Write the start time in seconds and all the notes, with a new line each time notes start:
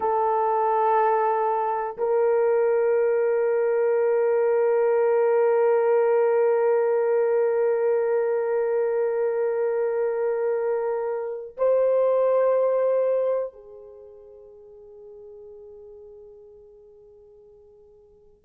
0.00 A4
1.97 A#4
11.57 C5
13.53 G#4